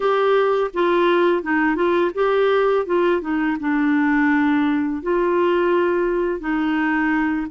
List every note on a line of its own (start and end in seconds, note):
0.00 0.70 G4
0.73 1.42 F4
1.42 1.75 D#4
1.75 2.11 F4
2.14 2.85 G4
2.86 3.21 F4
3.21 3.57 D#4
3.60 5.02 D4
5.02 6.39 F4
6.39 7.46 D#4